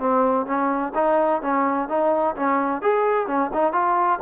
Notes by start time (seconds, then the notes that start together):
0.00 C4
0.47 C#4
0.95 D#4
1.42 C#4
1.89 D#4
2.36 C#4
2.82 G#4
3.27 C#4
3.54 D#4
3.73 F4